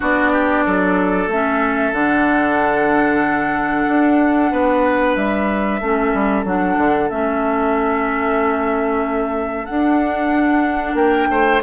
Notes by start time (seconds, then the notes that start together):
0.00 B3 D4 F#4 D5
0.31 G4
0.65 F#3 A4
1.27 A3 C#4 E5
1.92 D3 D4 F#5
3.87 D4
4.51 B3 B4
5.15 G3 E5
5.80 A3 C#4 A4
6.13 G3
6.44 F#3 D4 F#5
6.77 D3
7.09 A3 C#4 E5
9.65 D4 F#5
10.94 A#3 A#4 G5
11.29 A3 C5